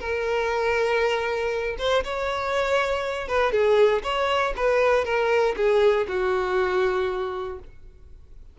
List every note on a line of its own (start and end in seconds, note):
0.00 1.76 A#4
1.78 2.04 C5
2.04 3.28 C#5
3.28 3.52 B4
3.52 4.02 G#4
4.03 4.53 C#5
4.57 5.05 B4
5.05 5.55 A#4
5.56 6.07 G#4
6.08 7.59 F#4